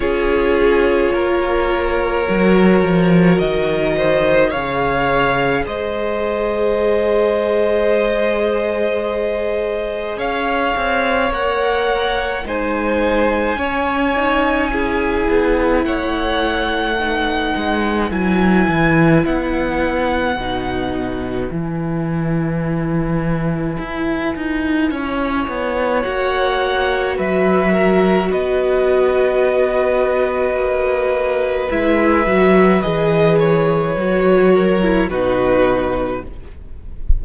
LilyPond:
<<
  \new Staff \with { instrumentName = "violin" } { \time 4/4 \tempo 4 = 53 cis''2. dis''4 | f''4 dis''2.~ | dis''4 f''4 fis''4 gis''4~ | gis''2 fis''2 |
gis''4 fis''2 gis''4~ | gis''2. fis''4 | e''4 dis''2. | e''4 dis''8 cis''4. b'4 | }
  \new Staff \with { instrumentName = "violin" } { \time 4/4 gis'4 ais'2~ ais'8 c''8 | cis''4 c''2.~ | c''4 cis''2 c''4 | cis''4 gis'4 cis''4 b'4~ |
b'1~ | b'2 cis''2 | b'8 ais'8 b'2.~ | b'2~ b'8 ais'8 fis'4 | }
  \new Staff \with { instrumentName = "viola" } { \time 4/4 f'2 fis'2 | gis'1~ | gis'2 ais'4 dis'4 | cis'8 dis'8 e'2 dis'4 |
e'2 dis'4 e'4~ | e'2. fis'4~ | fis'1 | e'8 fis'8 gis'4 fis'8. e'16 dis'4 | }
  \new Staff \with { instrumentName = "cello" } { \time 4/4 cis'4 ais4 fis8 f8 dis4 | cis4 gis2.~ | gis4 cis'8 c'8 ais4 gis4 | cis'4. b8 a4. gis8 |
fis8 e8 b4 b,4 e4~ | e4 e'8 dis'8 cis'8 b8 ais4 | fis4 b2 ais4 | gis8 fis8 e4 fis4 b,4 | }
>>